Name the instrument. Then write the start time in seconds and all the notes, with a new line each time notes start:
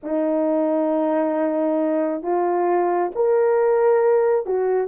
horn
0.03 D#4
2.22 F4
3.15 A#4
4.46 F#4